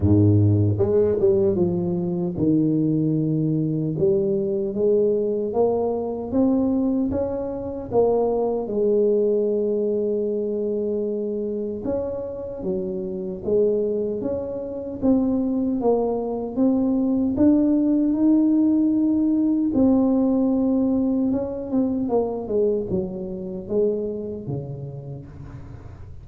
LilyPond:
\new Staff \with { instrumentName = "tuba" } { \time 4/4 \tempo 4 = 76 gis,4 gis8 g8 f4 dis4~ | dis4 g4 gis4 ais4 | c'4 cis'4 ais4 gis4~ | gis2. cis'4 |
fis4 gis4 cis'4 c'4 | ais4 c'4 d'4 dis'4~ | dis'4 c'2 cis'8 c'8 | ais8 gis8 fis4 gis4 cis4 | }